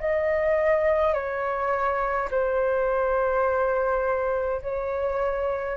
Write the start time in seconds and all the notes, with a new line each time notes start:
0.00 D#5
1.14 C#5
2.31 C5
4.63 C#5